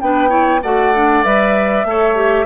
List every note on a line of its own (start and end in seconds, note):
0.00 0.62 B3
0.00 0.29 D4
0.00 0.29 B4
0.00 0.62 G5
0.29 0.60 E4
0.29 0.60 C#5
0.62 1.24 A3
0.62 0.94 F#4
0.62 1.86 D5
0.62 1.23 F#5
0.94 1.24 D4
1.23 1.84 G3
1.23 1.86 B4
1.23 2.46 E5
1.84 2.46 A3
1.84 2.15 A4
1.84 2.46 C#5
2.15 2.46 G4